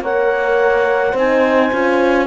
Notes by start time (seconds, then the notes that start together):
0.00 A#3 A#4 C#5 F#5
1.12 C4 D#4 C5 G#5
1.72 C#4 F4